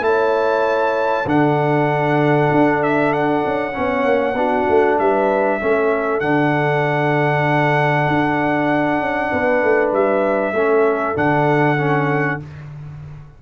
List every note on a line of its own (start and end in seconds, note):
0.00 1.24 A3
0.00 1.25 E4
0.00 1.29 C#5
0.00 1.28 A5
1.26 2.49 D3
1.26 3.72 D4
1.26 3.75 A4
1.26 2.83 F#5
2.51 3.44 D4
2.83 3.12 E5
3.12 4.98 F#5
3.46 3.77 C#4
3.72 4.05 B3
3.72 4.34 C#4
3.72 4.37 C#5
4.05 4.34 A#3
4.34 4.65 B3
4.34 5.60 D4
4.34 4.99 F#4
4.69 4.99 A3
4.99 5.61 G3
4.99 5.60 B4
4.99 6.20 E5
5.60 6.21 A3
5.60 6.22 C#4
5.60 9.30 A4
6.20 8.07 D3
6.20 10.55 D4
6.20 9.91 F#5
8.07 9.00 D4
9.00 9.31 C#4
9.30 9.63 B3
9.30 10.54 B4
9.63 9.92 A3
9.92 10.52 G3
9.92 11.17 E5
10.52 11.14 A3
10.52 11.15 C#4
10.52 12.42 A4
11.15 12.40 D3
11.15 11.77 D4
11.15 12.40 F#5
11.78 12.40 C#4